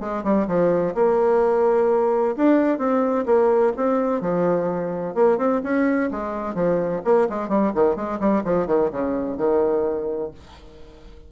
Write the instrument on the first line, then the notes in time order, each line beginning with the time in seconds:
bassoon
0.00 G#3
0.23 G3
0.47 F3
0.94 A#3
2.37 D4
2.78 C4
3.26 A#3
3.76 C4
4.21 F3
5.15 A#3
5.38 C4
5.63 C#4
6.11 G#3
6.55 F3
7.04 A#3
7.29 G#3
7.49 G3
7.74 D#3
7.96 G#3
8.19 G3
8.44 F3
8.67 D#3
8.91 C#3
9.37 D#3